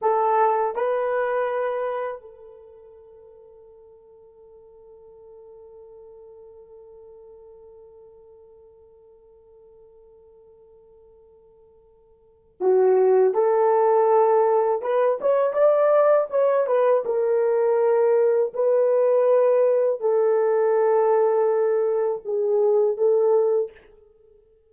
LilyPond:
\new Staff \with { instrumentName = "horn" } { \time 4/4 \tempo 4 = 81 a'4 b'2 a'4~ | a'1~ | a'1~ | a'1~ |
a'4 fis'4 a'2 | b'8 cis''8 d''4 cis''8 b'8 ais'4~ | ais'4 b'2 a'4~ | a'2 gis'4 a'4 | }